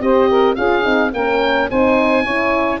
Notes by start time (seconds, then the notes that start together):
0.00 C4 G4 C5 D#5
0.29 A#4
0.55 C#4 F4 G#4 F5
0.82 C4 D#4
1.13 A#3 C#4 A#4 G5
1.69 C4 D#4 C5 G#5
2.23 C#4 E4 C#5